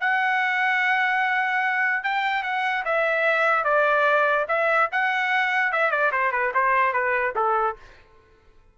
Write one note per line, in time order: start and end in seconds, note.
0.00 2.03 F#5
2.03 2.43 G5
2.43 2.84 F#5
2.85 3.64 E5
3.64 4.46 D5
4.48 4.89 E5
4.92 5.72 F#5
5.72 5.91 E5
5.91 6.11 D5
6.12 6.32 C5
6.32 6.52 B4
6.54 6.93 C5
6.93 7.34 B4
7.35 7.76 A4